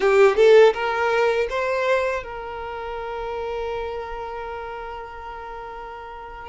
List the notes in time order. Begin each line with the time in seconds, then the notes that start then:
0.00 G4
0.36 A4
0.73 A#4
1.49 C5
2.23 A#4